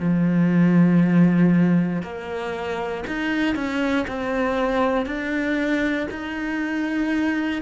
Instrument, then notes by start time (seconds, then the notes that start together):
cello
0.00 F3
2.02 A#3
3.07 D#4
3.55 C#4
4.08 C4
5.06 D4
6.11 D#4